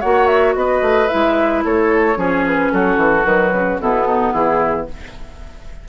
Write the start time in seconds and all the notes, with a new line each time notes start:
0.00 A#3 F#4 C#5 F#5
0.27 E5
0.55 B3 B4 D#5
0.81 A3
1.08 E4 E5
1.14 G#3
1.64 A3 A4 C#5
2.15 F3 C#4 G#4
2.46 B4
2.72 F#3 F#4 A4
2.96 E3
3.24 D#3 F#3 B4
3.52 C#3
3.80 B2 B3 E4 A4
4.07 D#4
4.32 E3 E4 G#4